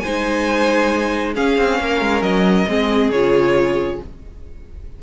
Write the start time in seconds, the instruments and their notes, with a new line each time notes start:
0.00 cello G#3, violin C5 G#5
0.06 viola D#4
1.35 viola C#4, cello C#4, violin G#4 F5
1.58 cello C4
1.80 cello A#3, violin A#4
2.01 cello G#3
2.22 cello F#3, violin D#5
2.68 cello G#3, viola C4, violin G#4
3.11 cello C#3, viola F4, violin C#5